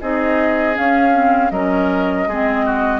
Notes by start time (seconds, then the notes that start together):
0.00 C4 D#4 G#4 D#5
0.74 C#4 F5
1.13 C4
1.50 F#3 C#4 A#4 D#5
2.27 G#3 C4 G#4
2.65 F#4